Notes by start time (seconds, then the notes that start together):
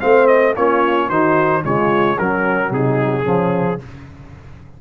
0.00 A3 C4 C5 F5
0.27 D#5
0.56 A#3 C#4 F4 C#5
1.09 D#3 D#4 F#4 C5
1.63 C#3 G#3 F4 C#5
2.18 F#3 C#4 A#4
2.70 C3 D#4 G#4
3.23 C#3 F3 C#4